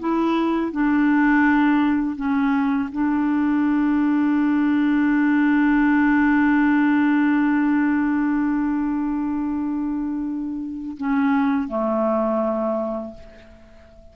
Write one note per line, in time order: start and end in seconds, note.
0.00 0.72 E4
0.72 2.17 D4
2.17 2.90 C#4
2.92 10.97 D4
10.98 11.68 C#4
11.68 13.15 A3